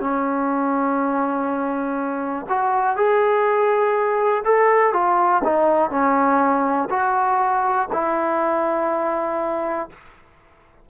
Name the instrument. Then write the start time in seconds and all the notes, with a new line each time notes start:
trombone
0.00 C#4
2.49 F#4
2.96 G#4
4.44 A4
4.93 F4
5.44 D#4
5.90 C#4
6.89 F#4
7.92 E4